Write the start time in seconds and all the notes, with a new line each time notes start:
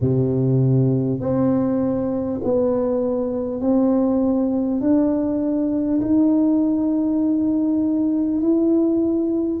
0.01 C3
1.20 C4
2.44 B3
3.61 C4
4.81 D4
6.01 D#4
8.41 E4